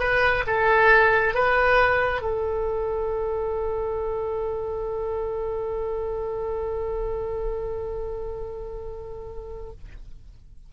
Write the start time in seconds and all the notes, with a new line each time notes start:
0.00 B4
0.47 A4
1.35 B4
2.22 A4